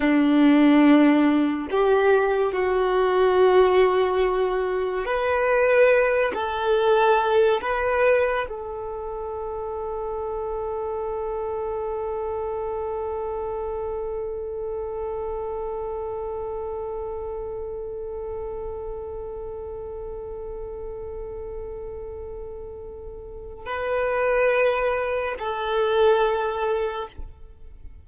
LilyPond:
\new Staff \with { instrumentName = "violin" } { \time 4/4 \tempo 4 = 71 d'2 g'4 fis'4~ | fis'2 b'4. a'8~ | a'4 b'4 a'2~ | a'1~ |
a'1~ | a'1~ | a'1 | b'2 a'2 | }